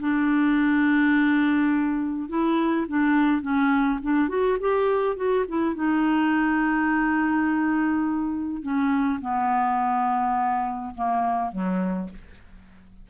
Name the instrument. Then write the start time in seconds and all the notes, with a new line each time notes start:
clarinet
0.00 D4
2.29 E4
2.88 D4
3.42 C#4
4.02 D4
4.29 F#4
4.60 G4
5.16 F#4
5.48 E4
5.75 D#4
8.62 C#4
9.21 B3
10.95 A#3
11.52 F#3